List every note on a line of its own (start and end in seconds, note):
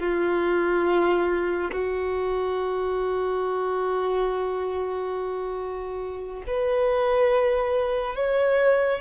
0.00 1.71 F4
1.72 6.43 F#4
6.47 8.15 B4
8.15 9.01 C#5